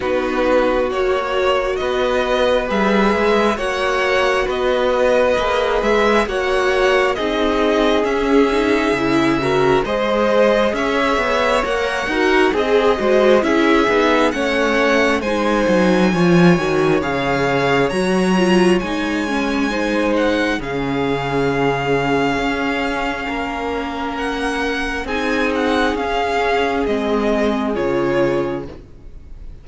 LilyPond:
<<
  \new Staff \with { instrumentName = "violin" } { \time 4/4 \tempo 4 = 67 b'4 cis''4 dis''4 e''4 | fis''4 dis''4. e''8 fis''4 | dis''4 e''2 dis''4 | e''4 fis''4 dis''4 e''4 |
fis''4 gis''2 f''4 | ais''4 gis''4. fis''8 f''4~ | f''2. fis''4 | gis''8 fis''8 f''4 dis''4 cis''4 | }
  \new Staff \with { instrumentName = "violin" } { \time 4/4 fis'2 b'2 | cis''4 b'2 cis''4 | gis'2~ gis'8 ais'8 c''4 | cis''4. ais'8 gis'8 c''8 gis'4 |
cis''4 c''4 cis''2~ | cis''2 c''4 gis'4~ | gis'2 ais'2 | gis'1 | }
  \new Staff \with { instrumentName = "viola" } { \time 4/4 dis'4 fis'2 gis'4 | fis'2 gis'4 fis'4 | dis'4 cis'8 dis'8 e'8 fis'8 gis'4~ | gis'4 ais'8 fis'8 gis'8 fis'8 e'8 dis'8 |
cis'4 dis'4 f'8 fis'8 gis'4 | fis'8 f'8 dis'8 cis'8 dis'4 cis'4~ | cis'1 | dis'4 cis'4 c'4 f'4 | }
  \new Staff \with { instrumentName = "cello" } { \time 4/4 b4 ais4 b4 g8 gis8 | ais4 b4 ais8 gis8 ais4 | c'4 cis'4 cis4 gis4 | cis'8 b8 ais8 dis'8 c'8 gis8 cis'8 b8 |
a4 gis8 fis8 f8 dis8 cis4 | fis4 gis2 cis4~ | cis4 cis'4 ais2 | c'4 cis'4 gis4 cis4 | }
>>